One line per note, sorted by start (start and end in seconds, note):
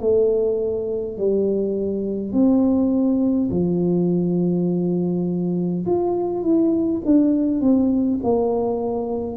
0.00 1.18 A3
1.18 2.33 G3
2.33 3.50 C4
3.50 5.86 F3
5.86 6.43 F4
6.43 7.02 E4
7.05 7.61 D4
7.61 8.20 C4
8.23 9.36 A#3